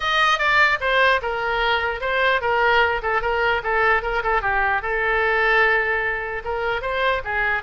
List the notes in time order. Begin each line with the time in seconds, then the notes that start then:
0.00 D#5
0.38 D5
0.80 C5
1.22 A#4
2.01 C5
2.41 A#4
3.02 A4
3.21 A#4
3.63 A4
4.02 A#4
4.23 A4
4.41 G4
4.81 A4
6.44 A#4
6.81 C5
7.24 G#4